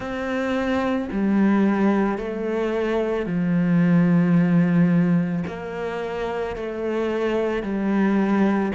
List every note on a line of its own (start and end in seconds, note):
0.00 1.08 C4
1.12 2.18 G3
2.18 3.25 A3
3.25 5.43 F3
5.47 6.56 A#3
6.56 7.63 A3
7.63 8.72 G3